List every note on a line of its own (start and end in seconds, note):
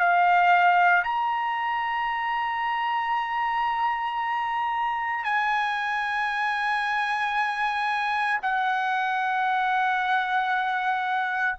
0.00 1.04 F5
1.04 5.25 A#5
5.25 8.41 G#5
8.43 11.58 F#5